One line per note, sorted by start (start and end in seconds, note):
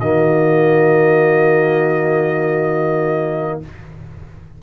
0.00 3.61 D#3
0.00 3.62 A#3
0.00 3.60 F#4
0.00 3.60 D#5